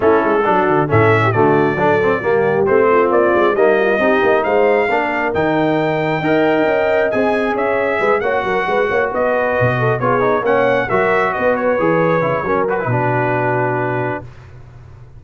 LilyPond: <<
  \new Staff \with { instrumentName = "trumpet" } { \time 4/4 \tempo 4 = 135 a'2 e''4 d''4~ | d''2 c''4 d''4 | dis''2 f''2 | g''1 |
gis''4 e''4. fis''4.~ | fis''8 dis''2 cis''4 fis''8~ | fis''8 e''4 dis''8 cis''2~ | cis''8 b'2.~ b'8 | }
  \new Staff \with { instrumentName = "horn" } { \time 4/4 e'4 fis'4 a'8. g'16 fis'4 | a'4 g'4. f'4. | dis'8 f'8 g'4 c''4 ais'4~ | ais'2 dis''2~ |
dis''4 cis''4 b'8 cis''8 ais'8 b'8 | cis''8 b'4. a'8 gis'4 cis''8~ | cis''8 ais'4 b'2~ b'8 | ais'4 fis'2. | }
  \new Staff \with { instrumentName = "trombone" } { \time 4/4 cis'4 d'4 cis'4 a4 | d'8 c'8 ais4 c'2 | ais4 dis'2 d'4 | dis'2 ais'2 |
gis'2~ gis'8 fis'4.~ | fis'2~ fis'8 f'8 dis'8 cis'8~ | cis'8 fis'2 gis'4 e'8 | cis'8 fis'16 e'16 d'2. | }
  \new Staff \with { instrumentName = "tuba" } { \time 4/4 a8 gis8 fis8 d8 a,4 d4 | fis4 g4 a4 ais8 gis8 | g4 c'8 ais8 gis4 ais4 | dis2 dis'4 cis'4 |
c'4 cis'4 gis8 ais8 fis8 gis8 | ais8 b4 b,4 b4 ais8~ | ais8 fis4 b4 e4 cis8 | fis4 b,2. | }
>>